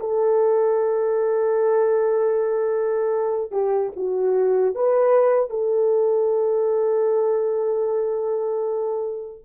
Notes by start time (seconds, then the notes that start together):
0.00 A4
3.52 G4
3.97 F#4
4.75 B4
5.50 A4